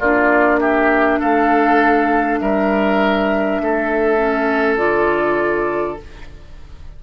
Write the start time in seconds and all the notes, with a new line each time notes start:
0.00 A#3 D4 F4 D5
0.60 G4 E5
1.20 A3 A4 F5
2.39 G3 A#4 E5
3.61 A3 A4
4.18 C#4
4.77 D3 F4 D5